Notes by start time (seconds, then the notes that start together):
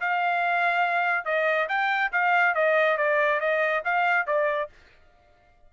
0.00 F5
1.25 D#5
1.69 G5
2.12 F5
2.54 D#5
2.97 D5
3.40 D#5
3.84 F5
4.26 D5